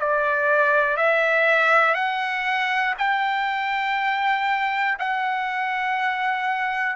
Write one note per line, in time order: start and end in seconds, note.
0.00 0.97 D5
0.97 1.95 E5
1.95 2.95 F#5
2.99 4.99 G5
4.99 6.96 F#5